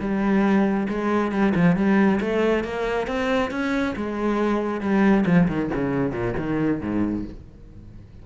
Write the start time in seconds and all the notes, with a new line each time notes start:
0.00 G3
0.89 G#3
1.32 G3
1.55 F3
1.76 G3
2.20 A3
2.64 A#3
3.07 C4
3.51 C#4
3.96 G#3
4.81 G3
5.26 F3
5.48 D#3
5.74 C#3
6.12 A#2
6.37 D#3
6.81 G#2